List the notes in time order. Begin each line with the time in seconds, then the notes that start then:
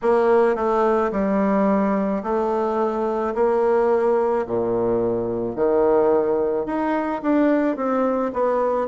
0.02 A#3
0.56 A3
1.11 G3
2.23 A3
3.34 A#3
4.46 A#2
5.55 D#3
6.66 D#4
7.22 D4
7.76 C4
8.33 B3